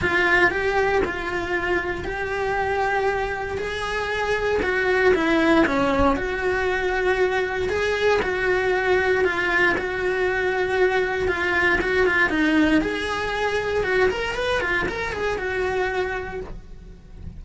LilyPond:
\new Staff \with { instrumentName = "cello" } { \time 4/4 \tempo 4 = 117 f'4 g'4 f'2 | g'2. gis'4~ | gis'4 fis'4 e'4 cis'4 | fis'2. gis'4 |
fis'2 f'4 fis'4~ | fis'2 f'4 fis'8 f'8 | dis'4 gis'2 fis'8 ais'8 | b'8 f'8 ais'8 gis'8 fis'2 | }